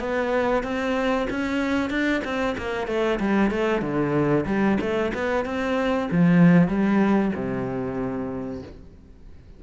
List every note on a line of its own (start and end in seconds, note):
0.00 0.64 B3
0.64 1.28 C4
1.31 1.90 C#4
1.90 2.22 D4
2.25 2.57 C4
2.58 2.88 A#3
2.88 3.20 A3
3.20 3.51 G3
3.51 3.82 A3
3.82 4.46 D3
4.47 4.78 G3
4.81 5.13 A3
5.15 5.46 B3
5.46 6.10 C4
6.12 6.69 F3
6.69 7.33 G3
7.35 8.63 C3